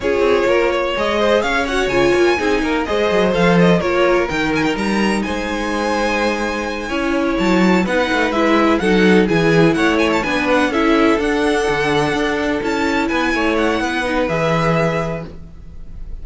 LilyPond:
<<
  \new Staff \with { instrumentName = "violin" } { \time 4/4 \tempo 4 = 126 cis''2 dis''4 f''8 fis''8 | gis''2 dis''4 f''8 dis''8 | cis''4 g''8 gis''16 g''16 ais''4 gis''4~ | gis''2.~ gis''8 a''8~ |
a''8 fis''4 e''4 fis''4 gis''8~ | gis''8 fis''8 gis''16 a''16 gis''8 fis''8 e''4 fis''8~ | fis''2~ fis''8 a''4 gis''8~ | gis''8 fis''4. e''2 | }
  \new Staff \with { instrumentName = "violin" } { \time 4/4 gis'4 ais'8 cis''4 c''8 cis''4~ | cis''4 gis'8 ais'8 c''2 | ais'2. c''4~ | c''2~ c''8 cis''4.~ |
cis''8 b'2 a'4 gis'8~ | gis'8 cis''4 b'4 a'4.~ | a'2.~ a'8 b'8 | cis''4 b'2. | }
  \new Staff \with { instrumentName = "viola" } { \time 4/4 f'2 gis'4. fis'8 | f'4 dis'4 gis'4 a'4 | f'4 dis'2.~ | dis'2~ dis'8 e'4.~ |
e'8 dis'4 e'4 dis'4 e'8~ | e'4. d'4 e'4 d'8~ | d'2~ d'8 e'4.~ | e'4. dis'8 gis'2 | }
  \new Staff \with { instrumentName = "cello" } { \time 4/4 cis'8 c'8 ais4 gis4 cis'4 | cis8 ais8 c'8 ais8 gis8 fis8 f4 | ais4 dis4 g4 gis4~ | gis2~ gis8 cis'4 fis8~ |
fis8 b8 a8 gis4 fis4 e8~ | e8 a4 b4 cis'4 d'8~ | d'8 d4 d'4 cis'4 b8 | a4 b4 e2 | }
>>